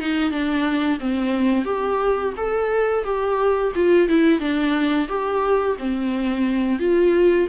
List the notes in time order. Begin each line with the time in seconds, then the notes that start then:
0.00 D#4
0.31 D4
1.00 C4
1.65 G4
2.37 A4
3.04 G4
3.76 F4
4.08 E4
4.40 D4
5.09 G4
5.79 C4
6.80 F4